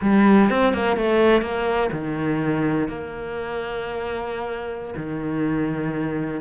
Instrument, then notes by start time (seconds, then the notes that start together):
cello
0.01 G3
0.49 C4
0.73 A#3
0.97 A3
1.41 A#3
1.91 D#3
2.88 A#3
4.96 D#3